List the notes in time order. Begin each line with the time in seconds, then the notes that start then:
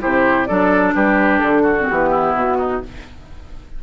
0.00 C3 E4 G4 C5
0.45 F#3 D4 A4 D5
0.94 G3 G4 B4
1.39 D3 A4
1.62 F#4
1.79 C4
1.87 E3 B3 G4
2.10 E4
2.34 B2 F#4
2.58 D#4